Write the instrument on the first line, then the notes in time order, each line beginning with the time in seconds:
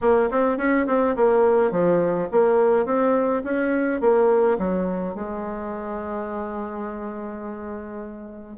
bassoon
0.01 A#3
0.30 C4
0.57 C#4
0.86 C4
1.16 A#3
1.71 F3
2.31 A#3
2.85 C4
3.44 C#4
4.00 A#3
4.58 F#3
5.15 G#3